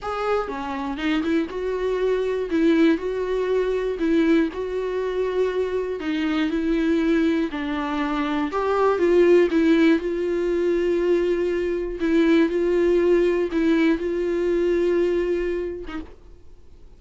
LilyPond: \new Staff \with { instrumentName = "viola" } { \time 4/4 \tempo 4 = 120 gis'4 cis'4 dis'8 e'8 fis'4~ | fis'4 e'4 fis'2 | e'4 fis'2. | dis'4 e'2 d'4~ |
d'4 g'4 f'4 e'4 | f'1 | e'4 f'2 e'4 | f'2.~ f'8. dis'16 | }